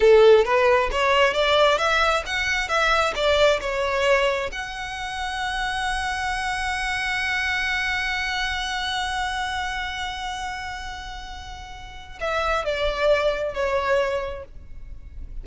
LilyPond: \new Staff \with { instrumentName = "violin" } { \time 4/4 \tempo 4 = 133 a'4 b'4 cis''4 d''4 | e''4 fis''4 e''4 d''4 | cis''2 fis''2~ | fis''1~ |
fis''1~ | fis''1~ | fis''2. e''4 | d''2 cis''2 | }